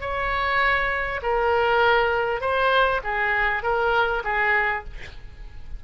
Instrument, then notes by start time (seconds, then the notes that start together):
oboe
0.00 C#5
1.22 A#4
2.41 C5
3.03 G#4
3.62 A#4
4.24 G#4